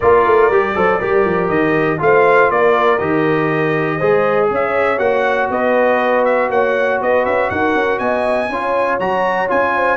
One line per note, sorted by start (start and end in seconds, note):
0.00 0.26 A#3
0.00 0.51 F4
0.00 0.74 A#4
0.00 1.48 D5
0.26 0.50 A3
0.50 0.75 G3
0.50 0.75 G4
0.75 1.00 F#3
0.75 1.00 A4
0.75 0.99 C5
0.99 1.25 G3
0.99 1.98 G4
0.99 1.99 A#4
1.25 1.48 F3
1.48 1.98 D#3
1.48 1.98 D#5
1.98 2.50 A3
1.98 2.98 F4
1.98 2.52 C5
1.98 2.50 F5
2.50 3.00 A#3
2.50 3.97 A#4
2.50 2.98 D5
2.98 4.00 D#3
2.98 4.00 G4
2.98 4.48 D#5
3.97 4.50 G#3
3.97 4.98 G#4
3.97 4.47 C5
4.50 4.98 C#4
4.50 5.50 C#5
4.50 4.98 E5
4.98 5.48 A#3
4.98 8.48 F#4
4.98 5.48 F#5
5.50 6.49 B3
5.50 6.50 B4
5.50 6.24 D#5
6.24 6.49 E5
6.49 6.99 A#3
6.49 7.00 C#5
6.49 7.01 F#5
7.00 7.25 B3
7.00 7.50 B4
7.00 7.25 D#5
7.25 7.50 C#4
7.25 7.50 E5
7.50 7.74 D#4
7.50 8.00 A#4
7.50 7.98 F#5
7.74 7.99 C#4
7.98 8.48 B3
7.98 8.50 D#5
7.98 8.98 G#5
8.48 8.98 C#4
8.48 9.00 F4
8.48 9.75 C#5
8.99 9.50 F#3
8.99 9.47 F#4
8.99 9.49 A#5
9.47 9.97 C#4
9.47 9.97 F4
9.47 9.97 G#5
9.75 9.97 C5